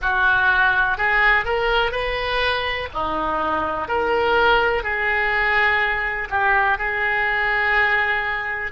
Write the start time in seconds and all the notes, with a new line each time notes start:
0.01 F#4
0.97 G#4
1.44 A#4
1.91 B4
2.93 D#4
3.88 A#4
4.83 G#4
6.29 G4
6.77 G#4